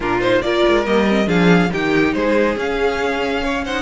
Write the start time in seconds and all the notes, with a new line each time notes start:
0.00 A#2 D4 F4 A#4
0.20 D#4 C5
0.41 A#3 F4 A#4 D5
0.68 G#3
0.85 G3 A#3 D#5
1.08 C4
1.26 F3 D4 G#4 F5
1.72 D#3 D#4 G4 G5
2.13 G#3 G#4 C5
2.56 C#4 F5
3.43 C#5
3.64 D#4 C5 F#5